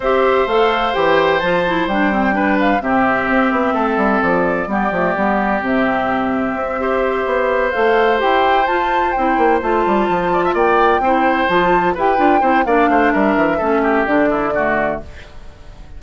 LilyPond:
<<
  \new Staff \with { instrumentName = "flute" } { \time 4/4 \tempo 4 = 128 e''4 f''4 g''4 a''4 | g''4. f''8 e''2~ | e''4 d''2. | e''1~ |
e''8 f''4 g''4 a''4 g''8~ | g''8 a''2 g''4.~ | g''8 a''4 g''4. f''4 | e''2 d''2 | }
  \new Staff \with { instrumentName = "oboe" } { \time 4/4 c''1~ | c''4 b'4 g'2 | a'2 g'2~ | g'2~ g'8 c''4.~ |
c''1~ | c''2 d''16 e''16 d''4 c''8~ | c''4. b'4 c''8 d''8 c''8 | ais'4 a'8 g'4 e'8 fis'4 | }
  \new Staff \with { instrumentName = "clarinet" } { \time 4/4 g'4 a'4 g'4 f'8 e'8 | d'8 c'8 d'4 c'2~ | c'2 b8 a8 b4 | c'2~ c'8 g'4.~ |
g'8 a'4 g'4 f'4 e'8~ | e'8 f'2. e'8~ | e'8 f'4 g'8 f'8 e'8 d'4~ | d'4 cis'4 d'4 a4 | }
  \new Staff \with { instrumentName = "bassoon" } { \time 4/4 c'4 a4 e4 f4 | g2 c4 c'8 b8 | a8 g8 f4 g8 f8 g4 | c2 c'4. b8~ |
b8 a4 e'4 f'4 c'8 | ais8 a8 g8 f4 ais4 c'8~ | c'8 f4 e'8 d'8 c'8 ais8 a8 | g8 e8 a4 d2 | }
>>